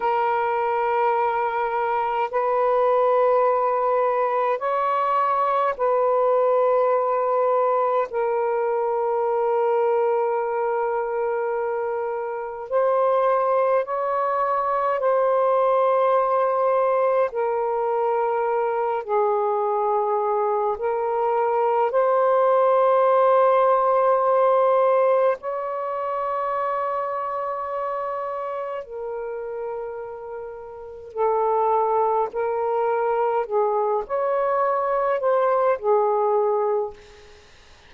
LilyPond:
\new Staff \with { instrumentName = "saxophone" } { \time 4/4 \tempo 4 = 52 ais'2 b'2 | cis''4 b'2 ais'4~ | ais'2. c''4 | cis''4 c''2 ais'4~ |
ais'8 gis'4. ais'4 c''4~ | c''2 cis''2~ | cis''4 ais'2 a'4 | ais'4 gis'8 cis''4 c''8 gis'4 | }